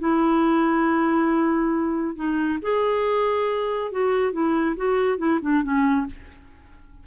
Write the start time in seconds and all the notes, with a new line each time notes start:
0.00 E4
2.16 D#4
2.63 G#4
3.92 F#4
4.33 E4
4.77 F#4
5.18 E4
5.42 D4
5.64 C#4